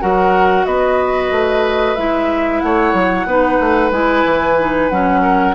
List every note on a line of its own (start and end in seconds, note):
0.00 0.66 F#3
0.00 1.96 F#4
0.00 0.66 A#4
0.00 0.65 F#5
0.65 1.31 B3
0.65 2.62 B4
0.65 1.95 D#5
1.31 1.96 A3
1.95 2.62 G#3
1.95 3.27 E4
1.95 2.60 E5
2.60 2.93 A3
2.60 3.27 C#5
2.60 3.90 F#5
2.93 3.25 F#3
3.25 3.58 B3
3.25 3.92 D#4
3.25 5.22 B4
3.60 3.91 A3
3.91 4.24 G#3
3.91 4.57 E4
3.91 4.89 G#5
4.25 4.90 E3
4.59 4.90 D#4
4.89 5.54 F#3
4.89 5.54 C#4
4.89 5.54 F#5
5.22 5.54 A#4